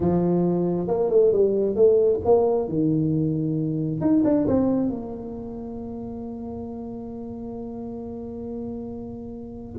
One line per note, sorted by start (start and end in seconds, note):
0.00 0.87 F3
0.87 1.09 A#3
1.10 1.32 A3
1.32 1.75 G3
1.75 2.20 A3
2.24 2.68 A#3
2.68 4.00 D#3
4.00 4.22 D#4
4.24 4.46 D4
4.47 4.89 C4
4.89 9.78 A#3